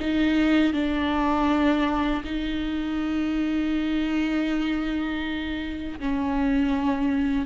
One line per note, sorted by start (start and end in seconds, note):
0.00 0.73 D#4
0.73 2.23 D4
2.24 5.99 D#4
5.99 7.46 C#4